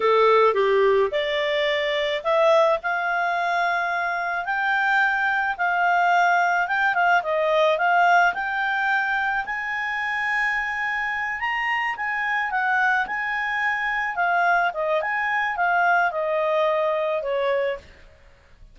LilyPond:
\new Staff \with { instrumentName = "clarinet" } { \time 4/4 \tempo 4 = 108 a'4 g'4 d''2 | e''4 f''2. | g''2 f''2 | g''8 f''8 dis''4 f''4 g''4~ |
g''4 gis''2.~ | gis''8 ais''4 gis''4 fis''4 gis''8~ | gis''4. f''4 dis''8 gis''4 | f''4 dis''2 cis''4 | }